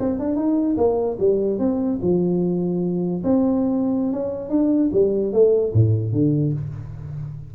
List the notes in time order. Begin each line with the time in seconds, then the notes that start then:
0.00 C4
0.19 D4
0.36 D#4
0.77 A#3
1.20 G3
1.59 C4
2.02 F3
3.24 C4
4.13 C#4
4.50 D4
4.93 G3
5.33 A3
5.73 A2
6.13 D3